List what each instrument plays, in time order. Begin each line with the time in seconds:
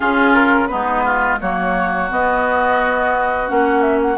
0.00 bassoon C#3, clarinet C#4, oboe F4, flute G#4
0.34 flute A#4
0.67 bassoon G#3, clarinet B3, oboe D#4, flute B4
1.04 oboe F4
1.40 bassoon F#3, clarinet A#3, oboe F#4, flute C#5
2.09 clarinet B3, bassoon B3, flute D#5
3.47 bassoon A#3, clarinet C#4, flute F#5
3.81 flute E5
4.01 flute F#5